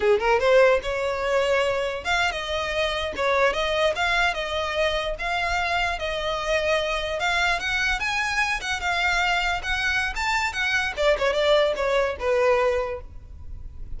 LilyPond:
\new Staff \with { instrumentName = "violin" } { \time 4/4 \tempo 4 = 148 gis'8 ais'8 c''4 cis''2~ | cis''4 f''8. dis''2 cis''16~ | cis''8. dis''4 f''4 dis''4~ dis''16~ | dis''8. f''2 dis''4~ dis''16~ |
dis''4.~ dis''16 f''4 fis''4 gis''16~ | gis''4~ gis''16 fis''8 f''2 fis''16~ | fis''4 a''4 fis''4 d''8 cis''8 | d''4 cis''4 b'2 | }